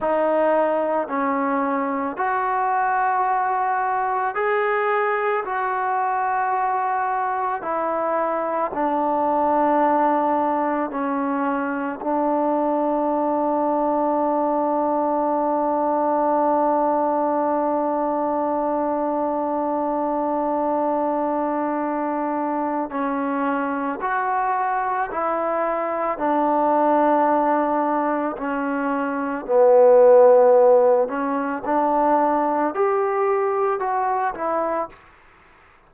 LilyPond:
\new Staff \with { instrumentName = "trombone" } { \time 4/4 \tempo 4 = 55 dis'4 cis'4 fis'2 | gis'4 fis'2 e'4 | d'2 cis'4 d'4~ | d'1~ |
d'1~ | d'4 cis'4 fis'4 e'4 | d'2 cis'4 b4~ | b8 cis'8 d'4 g'4 fis'8 e'8 | }